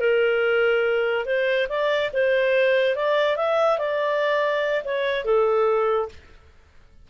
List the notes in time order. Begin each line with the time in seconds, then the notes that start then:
0.00 A#4
1.25 C5
1.69 D5
2.13 C5
2.95 D5
3.36 E5
3.78 D5
4.84 C#5
5.25 A4